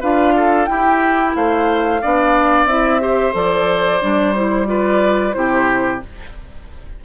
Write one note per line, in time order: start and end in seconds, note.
0.00 0.68 D4
0.00 0.67 F4
0.00 0.33 B4
0.00 0.65 F5
0.36 0.69 A4
0.65 2.00 E4
0.65 1.35 E4
0.65 1.36 G4
0.65 1.32 G5
1.35 2.02 A3
1.35 2.01 C5
1.35 2.67 F5
2.01 2.65 B3
2.01 2.68 D4
2.01 3.01 D5
2.65 3.32 C4
2.65 3.00 E4
2.65 3.33 E5
3.00 3.32 G4
3.00 4.68 C5
3.32 4.01 F3
3.32 3.99 A4
3.32 4.32 D5
4.01 5.35 G3
4.01 4.34 D4
4.32 4.66 E4
4.32 4.65 C5
4.66 5.33 F4
4.66 5.36 B4
4.66 5.33 D5
5.33 6.02 C3
5.33 5.99 E4
5.33 6.04 G4
5.33 6.00 C5